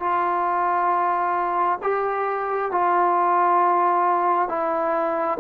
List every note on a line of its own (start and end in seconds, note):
0.00 1.79 F4
1.83 2.72 G4
2.72 4.49 F4
4.49 5.38 E4